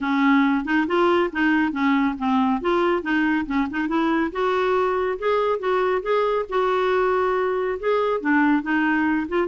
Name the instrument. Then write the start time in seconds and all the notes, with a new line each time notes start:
clarinet
0.00 C#4
0.65 D#4
0.87 F4
1.32 D#4
1.71 C#4
2.18 C4
2.61 F4
3.02 D#4
3.46 C#4
3.70 D#4
3.88 E4
4.32 F#4
5.18 G#4
5.59 F#4
6.02 G#4
6.49 F#4
7.79 G#4
8.20 D4
8.62 D#4
9.28 F4